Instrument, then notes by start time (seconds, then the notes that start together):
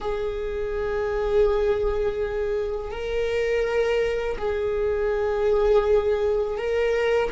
viola
0.00 G#4
2.91 A#4
4.38 G#4
6.57 A#4